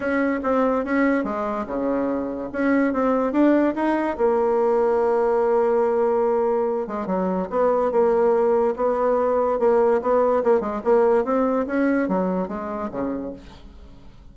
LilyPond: \new Staff \with { instrumentName = "bassoon" } { \time 4/4 \tempo 4 = 144 cis'4 c'4 cis'4 gis4 | cis2 cis'4 c'4 | d'4 dis'4 ais2~ | ais1~ |
ais8 gis8 fis4 b4 ais4~ | ais4 b2 ais4 | b4 ais8 gis8 ais4 c'4 | cis'4 fis4 gis4 cis4 | }